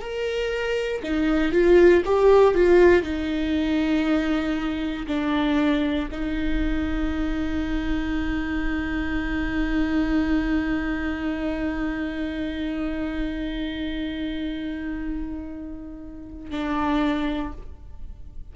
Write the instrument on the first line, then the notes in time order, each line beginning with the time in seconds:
viola
0.00 A#4
1.03 D#4
1.52 F4
2.05 G4
2.54 F4
3.02 D#4
5.07 D4
6.11 D#4
16.50 D4